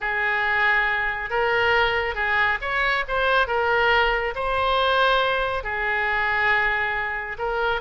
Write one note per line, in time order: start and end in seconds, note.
0.00 1.29 G#4
1.29 2.14 A#4
2.14 2.58 G#4
2.61 3.04 C#5
3.08 3.47 C5
3.47 4.34 A#4
4.35 5.63 C5
5.63 7.37 G#4
7.38 7.81 A#4